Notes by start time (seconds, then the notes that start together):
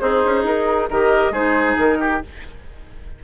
0.00 C4 D#4 G#4 C5
0.25 C#4
0.43 D#4 A#4
0.90 D#3 G4 A#4 D#5
1.31 G#3 D#4 G#4 C5
1.78 D#3 A#4
2.00 G4